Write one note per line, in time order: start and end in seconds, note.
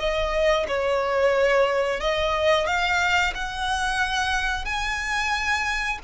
0.00 0.67 D#5
0.68 2.01 C#5
2.01 2.67 D#5
2.67 3.34 F5
3.35 4.66 F#5
4.66 5.99 G#5